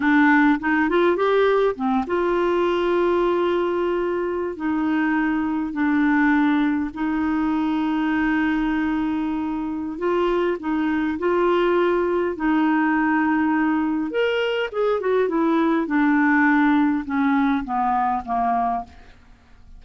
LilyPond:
\new Staff \with { instrumentName = "clarinet" } { \time 4/4 \tempo 4 = 102 d'4 dis'8 f'8 g'4 c'8 f'8~ | f'2.~ f'8. dis'16~ | dis'4.~ dis'16 d'2 dis'16~ | dis'1~ |
dis'4 f'4 dis'4 f'4~ | f'4 dis'2. | ais'4 gis'8 fis'8 e'4 d'4~ | d'4 cis'4 b4 ais4 | }